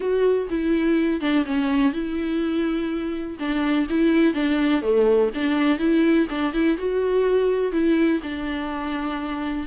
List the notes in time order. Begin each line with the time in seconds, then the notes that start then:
0.00 F#4
0.50 E4
1.20 D4
1.45 C#4
1.92 E4
3.39 D4
3.89 E4
4.34 D4
4.82 A3
5.34 D4
5.78 E4
6.29 D4
6.53 E4
6.77 F#4
7.72 E4
8.22 D4